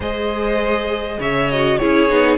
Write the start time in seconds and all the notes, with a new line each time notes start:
0.00 G#3 G#4 C5 D#5
1.19 C#3 C#5 E5
1.50 F#4 D#5
1.77 E4 G#4 C#5
1.83 C#4
2.09 B3 D#4